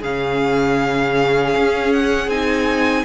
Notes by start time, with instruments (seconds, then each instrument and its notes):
0.00 cello C#3, viola C#4, violin G#4 F5
1.56 cello C#4
1.93 violin F#5
2.27 cello C4, viola D#4, violin G#5